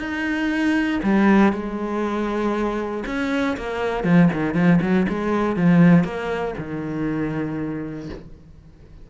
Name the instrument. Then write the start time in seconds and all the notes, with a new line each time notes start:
cello
0.00 D#4
1.03 G3
1.53 G#3
3.07 C#4
3.57 A#3
4.04 F3
4.33 D#3
4.55 F3
4.82 F#3
5.09 G#3
5.57 F3
6.04 A#3
6.58 D#3